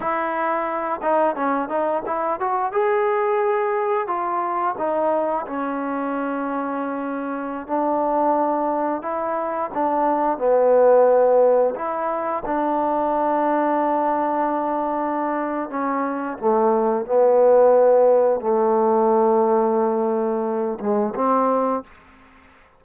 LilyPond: \new Staff \with { instrumentName = "trombone" } { \time 4/4 \tempo 4 = 88 e'4. dis'8 cis'8 dis'8 e'8 fis'8 | gis'2 f'4 dis'4 | cis'2.~ cis'16 d'8.~ | d'4~ d'16 e'4 d'4 b8.~ |
b4~ b16 e'4 d'4.~ d'16~ | d'2. cis'4 | a4 b2 a4~ | a2~ a8 gis8 c'4 | }